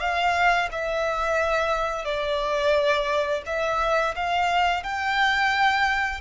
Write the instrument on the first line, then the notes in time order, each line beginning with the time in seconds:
violin
0.00 F5
0.71 E5
2.05 D5
3.46 E5
4.16 F5
4.83 G5